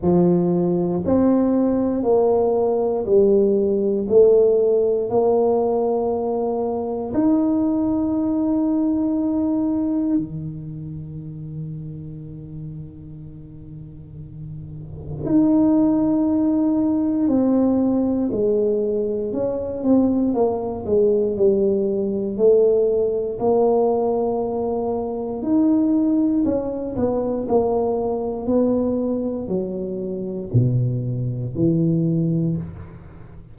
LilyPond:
\new Staff \with { instrumentName = "tuba" } { \time 4/4 \tempo 4 = 59 f4 c'4 ais4 g4 | a4 ais2 dis'4~ | dis'2 dis2~ | dis2. dis'4~ |
dis'4 c'4 gis4 cis'8 c'8 | ais8 gis8 g4 a4 ais4~ | ais4 dis'4 cis'8 b8 ais4 | b4 fis4 b,4 e4 | }